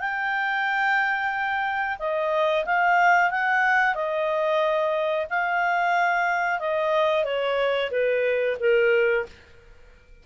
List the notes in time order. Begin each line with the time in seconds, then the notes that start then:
0.00 G5
2.00 D#5
2.66 F5
3.31 F#5
3.95 D#5
5.30 F5
6.60 D#5
7.24 C#5
7.92 B4
8.60 A#4